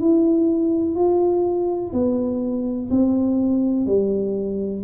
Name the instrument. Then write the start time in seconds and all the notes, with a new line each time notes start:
tuba
0.00 E4
0.95 F4
1.93 B3
2.90 C4
3.86 G3